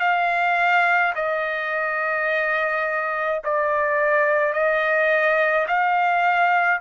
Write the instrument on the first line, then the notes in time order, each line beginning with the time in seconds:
trumpet
0.00 F5
1.15 D#5
3.44 D5
4.53 D#5
5.68 F5